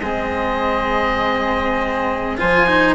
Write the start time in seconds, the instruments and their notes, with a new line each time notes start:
0.00 bassoon G#3, cello C4, flute G#4, oboe D#5
2.37 bassoon F3, cello F4, flute C5, oboe G#5
2.67 cello D#4